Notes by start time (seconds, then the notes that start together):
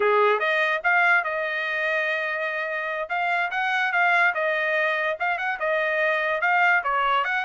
0.00 G#4
0.39 D#5
0.83 F5
1.24 D#5
3.09 F5
3.51 F#5
3.92 F5
4.34 D#5
5.19 F5
5.38 F#5
5.59 D#5
6.41 F5
6.83 C#5
7.24 F#5